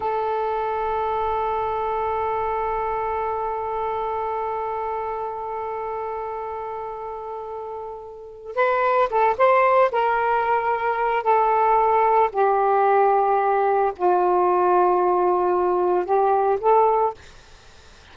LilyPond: \new Staff \with { instrumentName = "saxophone" } { \time 4/4 \tempo 4 = 112 a'1~ | a'1~ | a'1~ | a'1 |
b'4 a'8 c''4 ais'4.~ | ais'4 a'2 g'4~ | g'2 f'2~ | f'2 g'4 a'4 | }